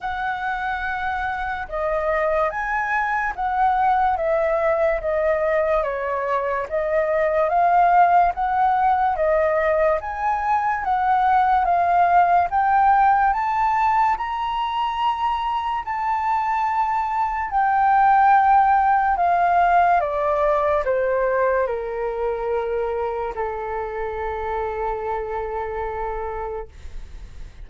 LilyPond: \new Staff \with { instrumentName = "flute" } { \time 4/4 \tempo 4 = 72 fis''2 dis''4 gis''4 | fis''4 e''4 dis''4 cis''4 | dis''4 f''4 fis''4 dis''4 | gis''4 fis''4 f''4 g''4 |
a''4 ais''2 a''4~ | a''4 g''2 f''4 | d''4 c''4 ais'2 | a'1 | }